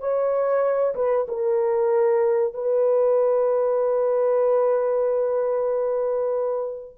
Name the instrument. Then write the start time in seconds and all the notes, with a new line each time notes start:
horn
0.00 C#5
0.95 B4
1.28 A#4
2.54 B4